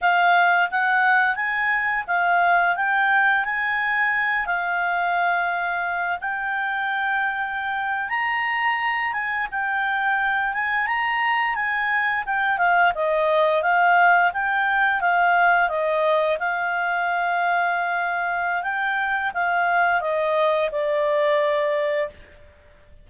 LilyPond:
\new Staff \with { instrumentName = "clarinet" } { \time 4/4 \tempo 4 = 87 f''4 fis''4 gis''4 f''4 | g''4 gis''4. f''4.~ | f''4 g''2~ g''8. ais''16~ | ais''4~ ais''16 gis''8 g''4. gis''8 ais''16~ |
ais''8. gis''4 g''8 f''8 dis''4 f''16~ | f''8. g''4 f''4 dis''4 f''16~ | f''2. g''4 | f''4 dis''4 d''2 | }